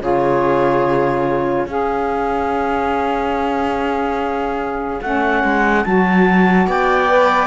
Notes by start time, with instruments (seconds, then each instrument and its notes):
0.00 cello C#3, saxophone F4, viola G#4, clarinet C#5
1.66 cello C#4, saxophone G#4, viola C#5, clarinet F5
5.01 cello A3, saxophone C#4, clarinet F#5
5.43 cello G#3
5.84 cello F#3, saxophone F#4, clarinet A5
6.67 cello B3, viola D5, clarinet G5
7.07 saxophone B4